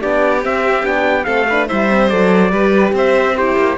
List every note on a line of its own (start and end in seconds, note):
0.00 0.45 B3
0.00 0.41 D4
0.00 1.26 G4
0.00 0.44 D5
0.41 0.82 C4
0.41 0.83 C4
0.41 0.86 E5
0.82 1.25 B3
0.82 1.24 D4
0.82 1.24 G5
1.24 1.70 A3
1.24 1.47 C4
1.24 1.47 A4
1.24 1.66 F5
1.49 1.68 D4
1.49 1.68 B4
1.68 2.13 G3
1.68 1.89 E4
1.68 2.51 C5
1.68 2.08 E5
1.89 2.09 C4
2.08 2.52 F#3
2.08 2.51 A4
2.08 2.92 D5
2.51 2.93 G3
2.51 3.35 G4
2.51 2.94 B4
2.93 3.56 C4
2.93 3.37 C5
2.93 3.38 E5
3.37 3.78 E4
3.37 3.78 G4
3.37 3.78 C5
3.56 3.77 A#3